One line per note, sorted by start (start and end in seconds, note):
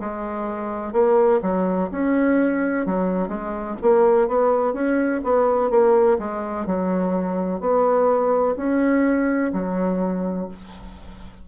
0.00 0.93 G#3
0.93 1.40 A#3
1.42 1.90 F#3
1.91 2.86 C#4
2.86 3.29 F#3
3.29 3.76 G#3
3.82 4.28 A#3
4.28 4.74 B3
4.74 5.21 C#4
5.24 5.71 B3
5.71 6.18 A#3
6.19 6.66 G#3
6.66 7.61 F#3
7.61 8.56 B3
8.57 9.52 C#4
9.53 10.48 F#3